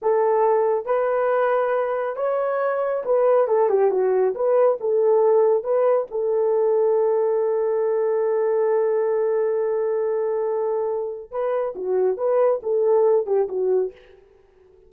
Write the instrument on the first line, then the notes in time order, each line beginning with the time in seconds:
horn
0.02 A4
0.85 B4
2.16 C#5
3.05 B4
3.47 A4
3.69 G4
3.91 F#4
4.34 B4
4.80 A4
5.63 B4
6.10 A4
11.31 B4
11.75 F#4
12.17 B4
12.62 A4
13.26 G4
13.48 F#4